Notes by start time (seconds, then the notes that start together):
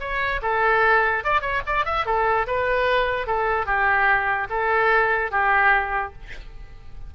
0.00 C#5
0.42 A4
1.24 D5
1.41 C#5
1.66 D5
1.85 E5
2.06 A4
2.47 B4
3.27 A4
3.66 G4
4.50 A4
5.31 G4